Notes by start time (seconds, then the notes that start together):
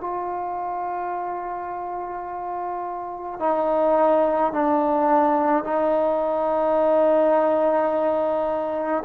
0.00 F4
3.39 D#4
4.52 D4
5.63 D#4